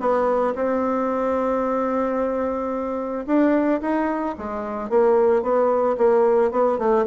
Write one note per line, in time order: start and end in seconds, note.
0.00 0.54 B3
0.55 3.25 C4
3.27 3.81 D4
3.81 4.35 D#4
4.38 4.89 G#3
4.89 5.42 A#3
5.42 5.96 B3
5.98 6.51 A#3
6.51 6.78 B3
6.78 7.05 A3